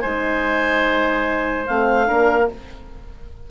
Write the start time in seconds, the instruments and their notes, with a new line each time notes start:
0.00 bassoon G#3, horn D#4, oboe C5, clarinet G#5
1.66 bassoon A3, horn C4, clarinet F5
2.05 bassoon A#3, horn D4, oboe A#4